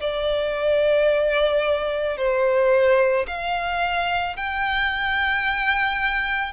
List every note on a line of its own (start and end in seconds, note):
0.00 2.17 D5
2.17 3.26 C5
3.27 4.36 F5
4.36 6.52 G5